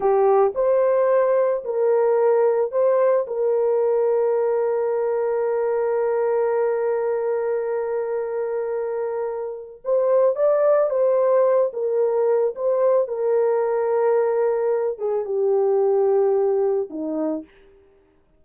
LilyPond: \new Staff \with { instrumentName = "horn" } { \time 4/4 \tempo 4 = 110 g'4 c''2 ais'4~ | ais'4 c''4 ais'2~ | ais'1~ | ais'1~ |
ais'2 c''4 d''4 | c''4. ais'4. c''4 | ais'2.~ ais'8 gis'8 | g'2. dis'4 | }